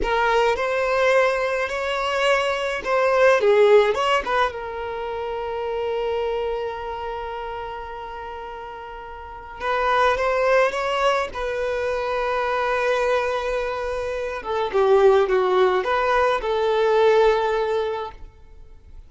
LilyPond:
\new Staff \with { instrumentName = "violin" } { \time 4/4 \tempo 4 = 106 ais'4 c''2 cis''4~ | cis''4 c''4 gis'4 cis''8 b'8 | ais'1~ | ais'1~ |
ais'4 b'4 c''4 cis''4 | b'1~ | b'4. a'8 g'4 fis'4 | b'4 a'2. | }